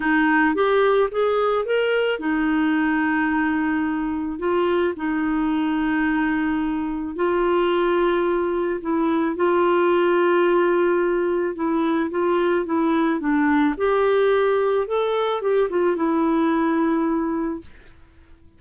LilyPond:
\new Staff \with { instrumentName = "clarinet" } { \time 4/4 \tempo 4 = 109 dis'4 g'4 gis'4 ais'4 | dis'1 | f'4 dis'2.~ | dis'4 f'2. |
e'4 f'2.~ | f'4 e'4 f'4 e'4 | d'4 g'2 a'4 | g'8 f'8 e'2. | }